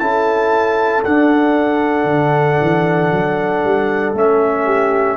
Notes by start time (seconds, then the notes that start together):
0.00 C#4 E4 A4 A5
1.05 D4 F#5
2.05 D3
2.62 E3
3.12 F#3
3.65 G3
4.14 A3 C#4 E5
4.65 G4